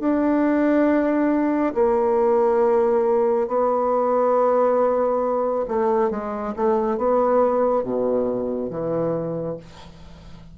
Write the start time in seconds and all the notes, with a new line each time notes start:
0.00 D4
1.75 A#3
3.48 B3
5.68 A3
6.11 G#3
6.56 A3
6.98 B3
7.83 B2
8.70 E3